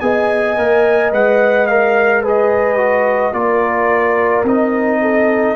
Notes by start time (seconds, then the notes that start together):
0.00 B3 G#4 D#5 G#5
0.57 A#3 A#4
1.12 G#3 B4 F#5
1.67 A#4 F5
2.22 G#4 B4 D#5
2.78 F#4
3.33 A#3 F4 A#4 D5
4.44 C4 D#4 D#5
5.01 A4